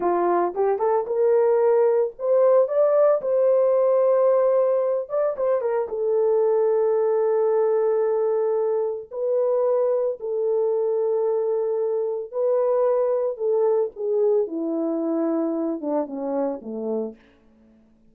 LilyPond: \new Staff \with { instrumentName = "horn" } { \time 4/4 \tempo 4 = 112 f'4 g'8 a'8 ais'2 | c''4 d''4 c''2~ | c''4. d''8 c''8 ais'8 a'4~ | a'1~ |
a'4 b'2 a'4~ | a'2. b'4~ | b'4 a'4 gis'4 e'4~ | e'4. d'8 cis'4 a4 | }